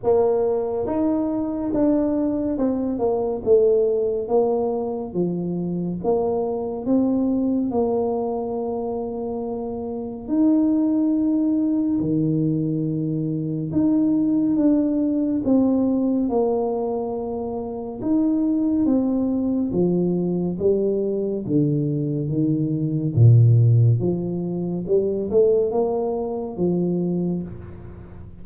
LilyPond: \new Staff \with { instrumentName = "tuba" } { \time 4/4 \tempo 4 = 70 ais4 dis'4 d'4 c'8 ais8 | a4 ais4 f4 ais4 | c'4 ais2. | dis'2 dis2 |
dis'4 d'4 c'4 ais4~ | ais4 dis'4 c'4 f4 | g4 d4 dis4 ais,4 | f4 g8 a8 ais4 f4 | }